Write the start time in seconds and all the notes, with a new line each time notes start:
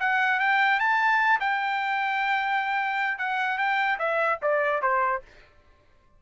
0.00 F#5
0.40 G5
0.79 A5
1.40 G5
3.19 F#5
3.58 G5
3.99 E5
4.42 D5
4.82 C5